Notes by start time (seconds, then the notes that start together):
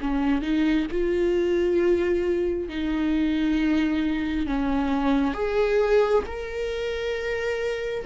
0.00 C#4
0.42 D#4
0.90 F4
2.68 D#4
4.46 C#4
5.33 G#4
6.26 A#4